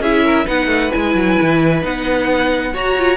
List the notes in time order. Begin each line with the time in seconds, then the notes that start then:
0.00 C#4 E4 G#4 E5
0.24 A#4
0.45 B3 D#4 B4 F#5
0.67 A3
0.91 G#3 E4 G#5
1.15 F#3
1.42 E3
1.82 B3 D#4 F#5
2.74 F#4 C#5 A#5
2.99 F4